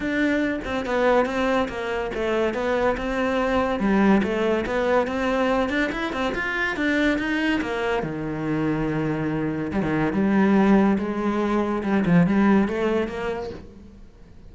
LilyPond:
\new Staff \with { instrumentName = "cello" } { \time 4/4 \tempo 4 = 142 d'4. c'8 b4 c'4 | ais4 a4 b4 c'4~ | c'4 g4 a4 b4 | c'4. d'8 e'8 c'8 f'4 |
d'4 dis'4 ais4 dis4~ | dis2. g16 dis8. | g2 gis2 | g8 f8 g4 a4 ais4 | }